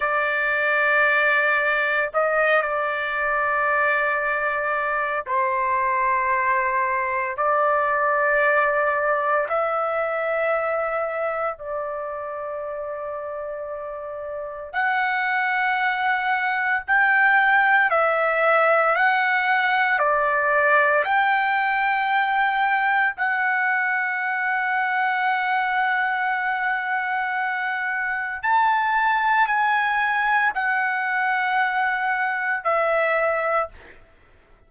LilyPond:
\new Staff \with { instrumentName = "trumpet" } { \time 4/4 \tempo 4 = 57 d''2 dis''8 d''4.~ | d''4 c''2 d''4~ | d''4 e''2 d''4~ | d''2 fis''2 |
g''4 e''4 fis''4 d''4 | g''2 fis''2~ | fis''2. a''4 | gis''4 fis''2 e''4 | }